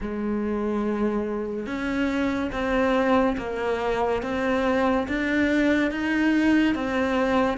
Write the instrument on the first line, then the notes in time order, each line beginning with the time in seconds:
cello
0.00 G#3
1.66 C#4
2.52 C4
3.37 A#3
4.22 C4
5.08 D4
5.91 D#4
6.75 C4